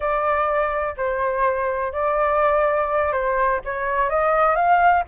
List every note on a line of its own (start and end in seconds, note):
0.00 0.95 D5
0.96 1.92 C5
1.92 3.12 D5
3.12 3.60 C5
3.65 4.09 C#5
4.09 4.55 D#5
4.55 5.03 F5